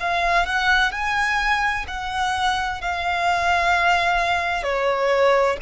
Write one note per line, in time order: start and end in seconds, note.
0.00 0.46 F5
0.46 0.92 F#5
0.92 1.85 G#5
1.87 2.81 F#5
2.81 4.63 F5
4.63 5.57 C#5